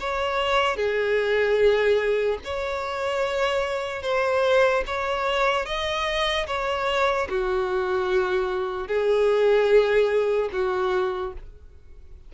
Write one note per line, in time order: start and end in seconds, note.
0.00 0.76 C#5
0.76 2.38 G#4
2.44 4.02 C#5
4.02 4.84 C5
4.86 5.65 C#5
5.65 6.46 D#5
6.47 7.28 C#5
7.29 8.87 F#4
8.87 10.50 G#4
10.52 11.33 F#4